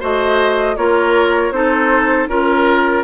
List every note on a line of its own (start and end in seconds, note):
0.00 0.77 A3
0.00 0.77 F#4
0.00 0.76 C5
0.00 0.77 D#5
0.77 1.51 A#3
0.77 1.53 F4
0.77 1.54 A#4
0.77 1.52 C#5
1.51 2.27 C4
1.51 2.29 D#4
1.51 2.29 A4
1.51 2.28 C5
2.28 3.04 C#4
2.28 3.04 F4
2.28 3.04 A#4